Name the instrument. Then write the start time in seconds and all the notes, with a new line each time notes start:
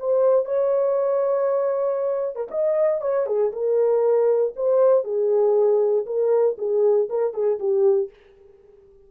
horn
0.00 C5
0.46 C#5
2.36 A#4
2.51 D#5
3.02 C#5
3.27 G#4
3.52 A#4
4.56 C5
5.04 G#4
6.06 A#4
6.58 G#4
7.09 A#4
7.34 G#4
7.59 G4